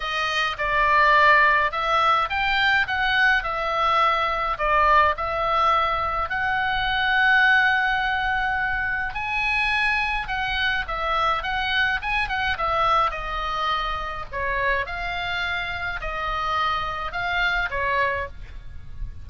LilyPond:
\new Staff \with { instrumentName = "oboe" } { \time 4/4 \tempo 4 = 105 dis''4 d''2 e''4 | g''4 fis''4 e''2 | d''4 e''2 fis''4~ | fis''1 |
gis''2 fis''4 e''4 | fis''4 gis''8 fis''8 e''4 dis''4~ | dis''4 cis''4 f''2 | dis''2 f''4 cis''4 | }